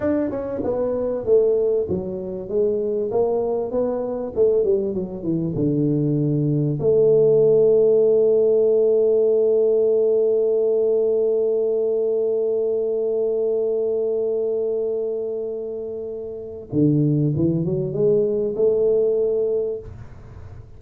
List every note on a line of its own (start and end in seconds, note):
0.00 0.30 D4
0.30 0.61 C#4
0.63 1.25 B3
1.25 1.87 A3
1.88 2.48 F#3
2.48 3.10 G#3
3.11 3.71 A#3
3.71 4.32 B3
4.35 4.64 A3
4.64 4.94 G3
4.94 5.23 F#3
5.23 5.54 E3
5.55 6.78 D3
6.79 16.69 A3
16.72 17.34 D3
17.35 17.65 E3
17.65 17.93 F#3
17.93 18.55 G#3
18.55 19.79 A3